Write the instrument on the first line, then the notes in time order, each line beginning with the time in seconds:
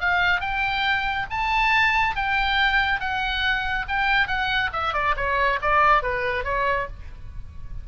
oboe
0.00 F5
0.40 G5
1.30 A5
2.16 G5
3.00 F#5
3.88 G5
4.27 F#5
4.72 E5
4.93 D5
5.16 C#5
5.62 D5
6.02 B4
6.44 C#5